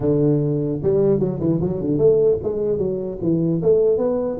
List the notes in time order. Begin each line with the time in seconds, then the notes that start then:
0.00 D3
0.83 G3
1.19 F#3
1.39 E3
1.61 F#3
1.80 D3
1.98 A3
2.43 G#3
2.78 F#3
3.21 E3
3.62 A3
3.97 B3